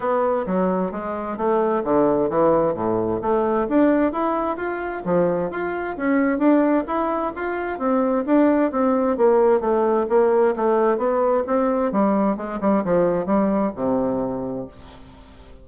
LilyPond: \new Staff \with { instrumentName = "bassoon" } { \time 4/4 \tempo 4 = 131 b4 fis4 gis4 a4 | d4 e4 a,4 a4 | d'4 e'4 f'4 f4 | f'4 cis'4 d'4 e'4 |
f'4 c'4 d'4 c'4 | ais4 a4 ais4 a4 | b4 c'4 g4 gis8 g8 | f4 g4 c2 | }